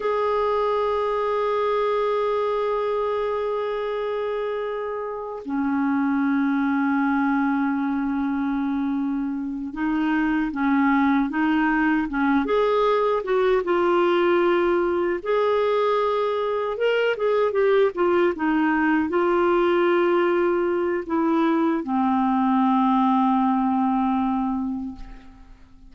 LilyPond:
\new Staff \with { instrumentName = "clarinet" } { \time 4/4 \tempo 4 = 77 gis'1~ | gis'2. cis'4~ | cis'1~ | cis'8 dis'4 cis'4 dis'4 cis'8 |
gis'4 fis'8 f'2 gis'8~ | gis'4. ais'8 gis'8 g'8 f'8 dis'8~ | dis'8 f'2~ f'8 e'4 | c'1 | }